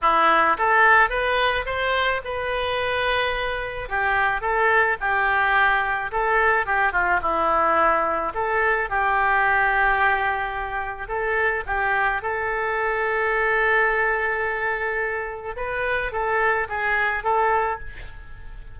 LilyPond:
\new Staff \with { instrumentName = "oboe" } { \time 4/4 \tempo 4 = 108 e'4 a'4 b'4 c''4 | b'2. g'4 | a'4 g'2 a'4 | g'8 f'8 e'2 a'4 |
g'1 | a'4 g'4 a'2~ | a'1 | b'4 a'4 gis'4 a'4 | }